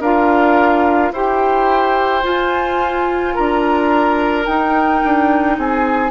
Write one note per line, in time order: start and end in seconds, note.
0.00 1.11 D4
0.00 1.14 F4
0.00 1.12 A#4
0.00 1.13 F5
1.13 2.24 E4
1.13 2.23 G4
1.13 3.34 C5
1.13 2.25 G5
2.23 4.45 F4
2.23 3.36 F4
2.23 3.35 G#5
3.34 4.47 D4
3.34 5.57 A#4
3.34 4.46 A#5
4.46 5.02 D#4
4.46 6.11 D#4
4.46 5.57 G5
5.04 5.58 D4
5.58 6.11 C4
5.58 6.11 G#4
5.58 6.11 G#5